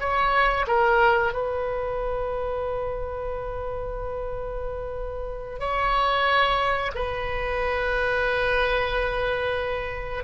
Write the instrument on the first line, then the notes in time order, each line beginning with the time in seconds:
oboe
0.00 C#5
0.67 A#4
1.33 B4
5.60 C#5
6.95 B4